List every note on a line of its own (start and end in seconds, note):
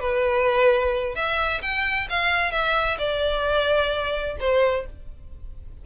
0.00 1.15 B4
1.15 1.61 E5
1.62 2.08 G5
2.10 2.52 F5
2.52 2.98 E5
2.98 4.37 D5
4.40 4.86 C5